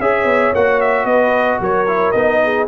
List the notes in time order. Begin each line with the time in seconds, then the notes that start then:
0.00 C#4 G#4 C#5 E5
0.25 B3
0.55 A#3 F#4 F#5
0.81 E5
1.05 B3 B4 D#5
1.60 F#3 A#4 C#5
1.88 E4
2.12 B3 D#4 D#5
2.44 G#4